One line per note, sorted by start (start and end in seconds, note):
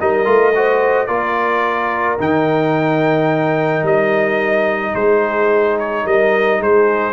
0.00 0.27 G3
0.00 0.25 D#4
0.00 0.55 A#4
0.00 1.07 D#5
0.25 1.09 A3
0.25 0.53 F4
0.56 1.08 F#4
0.56 1.09 C5
1.07 2.19 A#3
1.07 2.18 F4
1.07 4.94 A#4
1.07 2.17 D5
2.19 3.83 D#3
2.19 7.13 D#4
2.19 3.86 G5
3.83 4.93 G3
3.83 4.95 D#5
4.94 6.05 G#3
4.94 6.06 G#4
4.94 5.78 C5
5.79 6.07 C#5
6.06 6.61 G3
6.06 6.61 A#4
6.06 6.62 D#5
6.61 7.13 G#3
6.61 7.13 G#4
6.61 7.13 C5